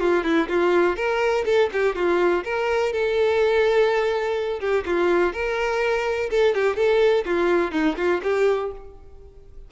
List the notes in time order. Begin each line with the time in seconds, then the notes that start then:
0.00 F4
0.23 E4
0.48 F4
0.96 A#4
1.45 A4
1.72 G4
1.95 F4
2.44 A#4
2.92 A4
4.60 G4
4.86 F4
5.33 A#4
6.30 A4
6.54 G4
6.76 A4
7.25 F4
7.71 D#4
7.97 F4
8.23 G4